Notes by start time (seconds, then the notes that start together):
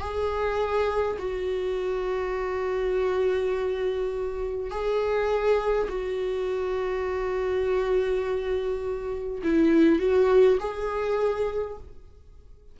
0.00 G#4
1.19 F#4
4.71 G#4
5.89 F#4
9.44 E4
9.99 F#4
10.60 G#4